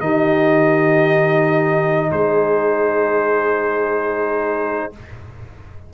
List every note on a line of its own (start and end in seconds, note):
0.00 2.11 D#3
0.00 4.93 D#4
0.00 2.13 G4
0.00 2.11 D#5
2.11 4.93 G#3
2.11 4.94 G#4
2.11 4.93 C5